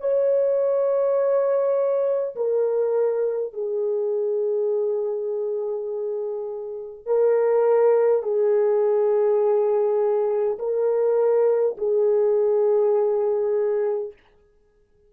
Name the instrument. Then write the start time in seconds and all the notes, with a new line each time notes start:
horn
0.00 C#5
2.36 A#4
3.53 G#4
7.06 A#4
8.23 G#4
10.59 A#4
11.78 G#4